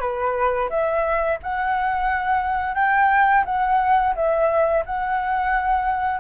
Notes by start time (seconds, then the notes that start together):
0.00 B4
0.69 E5
1.43 F#5
2.75 G5
3.45 F#5
4.15 E5
4.86 F#5